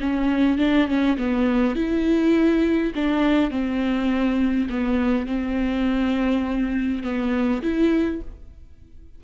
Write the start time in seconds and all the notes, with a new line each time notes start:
0.00 C#4
0.58 D4
0.88 C#4
1.17 B3
1.75 E4
2.95 D4
3.50 C4
4.70 B3
5.26 C4
7.03 B3
7.62 E4